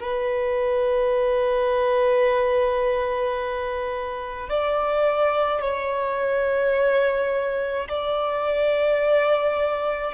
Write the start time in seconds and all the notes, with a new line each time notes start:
0.00 B4
4.50 D5
5.62 C#5
7.89 D5